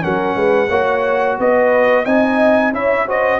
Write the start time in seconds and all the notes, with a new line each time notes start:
0.00 F#3 C#4 A#4 F#5
0.35 G#3 B4
0.69 A#3 F#4 C#5
1.39 B3 B4 D#5
2.04 C4 D#4 D#5 G#5
2.72 C#4 E4 C#5 E5
3.07 F#4 C5 D#5